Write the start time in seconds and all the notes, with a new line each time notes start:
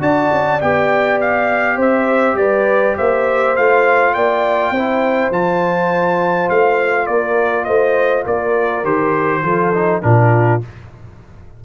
0.00 D4 F#4 D5 A5
0.31 C#4
0.61 B3 G4 G5
1.21 F5
1.76 C4 C5 E5
2.34 G3 B4 D5
2.96 A#3 C5 E5
3.56 A3 F4 F5
4.14 A#3 D5 G5
4.70 C4 E4 C5
5.30 F3 F4 A5
6.49 A3 F5
7.06 A#3 A#4 D5
7.64 A3 C5 D#5
8.25 A#3 A#4 D5
8.84 D#3 G4 C5
9.42 F3 F4 A4
9.74 D#4
10.02 A#2 D4 F4 A#4